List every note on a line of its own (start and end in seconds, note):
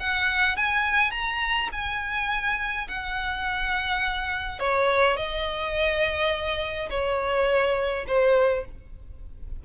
0.00 0.57 F#5
0.57 1.11 G#5
1.11 1.69 A#5
1.73 2.88 G#5
2.88 4.60 F#5
4.60 5.17 C#5
5.17 6.90 D#5
6.90 8.06 C#5
8.08 8.65 C5